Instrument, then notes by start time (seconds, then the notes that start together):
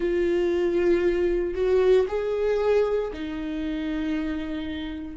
viola
0.00 F4
1.54 F#4
2.07 G#4
3.13 D#4